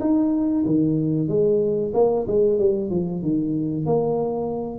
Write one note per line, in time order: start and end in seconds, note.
0.00 0.65 D#4
0.66 1.28 D#3
1.28 1.93 G#3
1.94 2.26 A#3
2.28 2.59 G#3
2.59 2.90 G3
2.90 3.22 F3
3.22 3.86 D#3
3.86 4.79 A#3